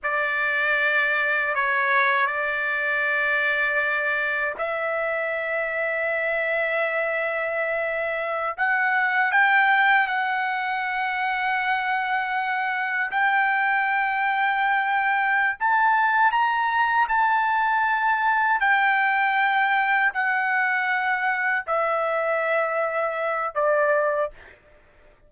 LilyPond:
\new Staff \with { instrumentName = "trumpet" } { \time 4/4 \tempo 4 = 79 d''2 cis''4 d''4~ | d''2 e''2~ | e''2.~ e''16 fis''8.~ | fis''16 g''4 fis''2~ fis''8.~ |
fis''4~ fis''16 g''2~ g''8.~ | g''8 a''4 ais''4 a''4.~ | a''8 g''2 fis''4.~ | fis''8 e''2~ e''8 d''4 | }